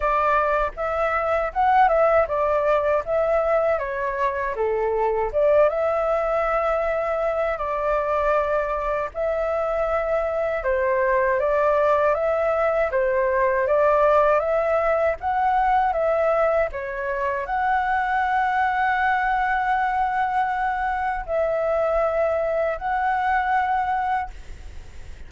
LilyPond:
\new Staff \with { instrumentName = "flute" } { \time 4/4 \tempo 4 = 79 d''4 e''4 fis''8 e''8 d''4 | e''4 cis''4 a'4 d''8 e''8~ | e''2 d''2 | e''2 c''4 d''4 |
e''4 c''4 d''4 e''4 | fis''4 e''4 cis''4 fis''4~ | fis''1 | e''2 fis''2 | }